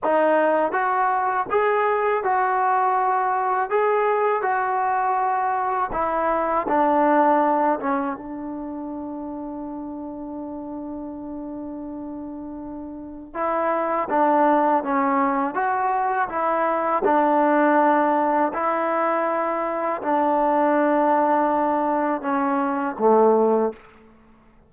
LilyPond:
\new Staff \with { instrumentName = "trombone" } { \time 4/4 \tempo 4 = 81 dis'4 fis'4 gis'4 fis'4~ | fis'4 gis'4 fis'2 | e'4 d'4. cis'8 d'4~ | d'1~ |
d'2 e'4 d'4 | cis'4 fis'4 e'4 d'4~ | d'4 e'2 d'4~ | d'2 cis'4 a4 | }